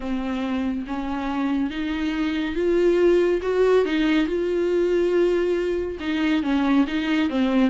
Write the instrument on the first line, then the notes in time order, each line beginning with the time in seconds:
viola
0.00 C4
0.86 C#4
1.70 D#4
2.55 F4
3.42 F#4
3.85 D#4
4.26 F4
6.00 D#4
6.42 C#4
6.87 D#4
7.29 C4